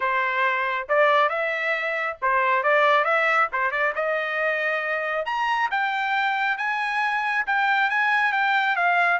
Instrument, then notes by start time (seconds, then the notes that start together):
trumpet
0.00 C5
0.89 D5
1.29 E5
2.21 C5
2.63 D5
3.04 E5
3.52 C5
3.71 D5
3.95 D#5
5.25 A#5
5.70 G5
6.57 G#5
7.46 G5
7.90 G#5
8.32 G5
8.76 F5